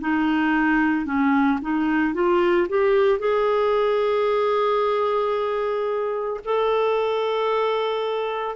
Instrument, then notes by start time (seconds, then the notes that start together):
clarinet
0.00 D#4
1.06 C#4
1.61 D#4
2.14 F4
2.68 G4
3.19 G#4
6.45 A4